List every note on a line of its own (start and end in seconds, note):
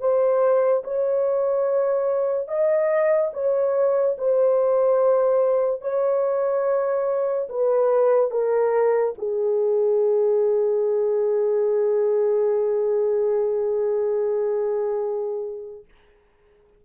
0.00 0.83 C5
0.84 2.48 C#5
2.48 3.31 D#5
3.33 4.17 C#5
4.18 5.81 C5
5.81 7.48 C#5
7.49 8.31 B4
8.31 9.14 A#4
9.18 15.85 G#4